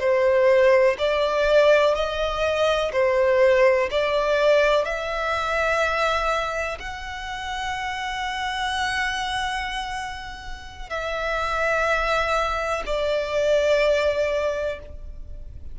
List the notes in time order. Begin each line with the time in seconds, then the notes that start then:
0.00 C5
0.99 D5
1.95 D#5
2.93 C5
3.91 D5
4.85 E5
6.80 F#5
10.90 E5
12.86 D5